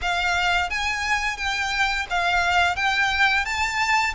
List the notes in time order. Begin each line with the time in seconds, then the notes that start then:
0.01 F5
0.70 G#5
1.37 G5
2.10 F5
2.76 G5
3.45 A5